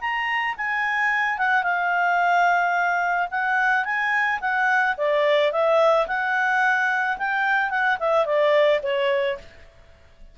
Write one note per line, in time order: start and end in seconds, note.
0.00 0.55 A#5
0.57 1.38 G#5
1.38 1.63 F#5
1.63 3.28 F5
3.30 3.84 F#5
3.84 4.39 G#5
4.40 4.95 F#5
4.97 5.52 D5
5.52 6.07 E5
6.07 7.17 F#5
7.18 7.70 G5
7.70 7.97 F#5
7.99 8.25 E5
8.25 8.80 D5
8.82 9.38 C#5